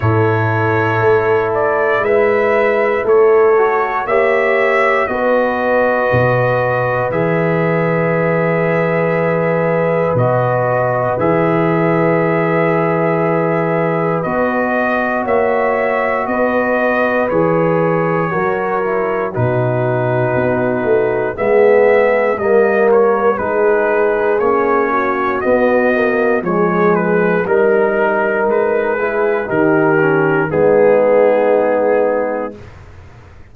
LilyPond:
<<
  \new Staff \with { instrumentName = "trumpet" } { \time 4/4 \tempo 4 = 59 cis''4. d''8 e''4 cis''4 | e''4 dis''2 e''4~ | e''2 dis''4 e''4~ | e''2 dis''4 e''4 |
dis''4 cis''2 b'4~ | b'4 e''4 dis''8 cis''8 b'4 | cis''4 dis''4 cis''8 b'8 ais'4 | b'4 ais'4 gis'2 | }
  \new Staff \with { instrumentName = "horn" } { \time 4/4 a'2 b'4 a'4 | cis''4 b'2.~ | b'1~ | b'2. cis''4 |
b'2 ais'4 fis'4~ | fis'4 gis'4 ais'4 gis'4~ | gis'8 fis'4. gis'4 ais'4~ | ais'8 gis'8 g'4 dis'2 | }
  \new Staff \with { instrumentName = "trombone" } { \time 4/4 e'2.~ e'8 fis'8 | g'4 fis'2 gis'4~ | gis'2 fis'4 gis'4~ | gis'2 fis'2~ |
fis'4 gis'4 fis'8 e'8 dis'4~ | dis'4 b4 ais4 dis'4 | cis'4 b8 ais8 gis4 dis'4~ | dis'8 e'8 dis'8 cis'8 b2 | }
  \new Staff \with { instrumentName = "tuba" } { \time 4/4 a,4 a4 gis4 a4 | ais4 b4 b,4 e4~ | e2 b,4 e4~ | e2 b4 ais4 |
b4 e4 fis4 b,4 | b8 a8 gis4 g4 gis4 | ais4 b4 f4 g4 | gis4 dis4 gis2 | }
>>